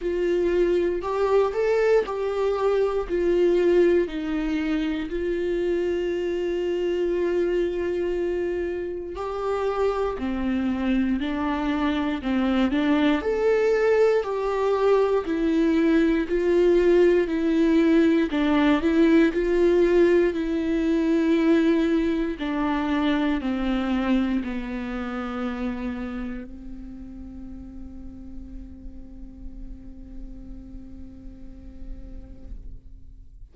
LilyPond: \new Staff \with { instrumentName = "viola" } { \time 4/4 \tempo 4 = 59 f'4 g'8 a'8 g'4 f'4 | dis'4 f'2.~ | f'4 g'4 c'4 d'4 | c'8 d'8 a'4 g'4 e'4 |
f'4 e'4 d'8 e'8 f'4 | e'2 d'4 c'4 | b2 c'2~ | c'1 | }